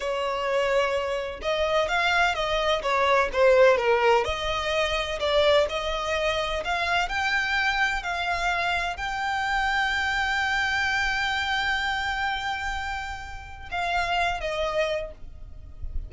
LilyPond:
\new Staff \with { instrumentName = "violin" } { \time 4/4 \tempo 4 = 127 cis''2. dis''4 | f''4 dis''4 cis''4 c''4 | ais'4 dis''2 d''4 | dis''2 f''4 g''4~ |
g''4 f''2 g''4~ | g''1~ | g''1~ | g''4 f''4. dis''4. | }